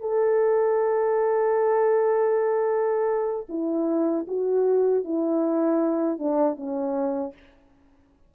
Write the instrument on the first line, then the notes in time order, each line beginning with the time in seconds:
horn
0.00 A4
3.49 E4
4.27 F#4
5.04 E4
6.19 D4
6.56 C#4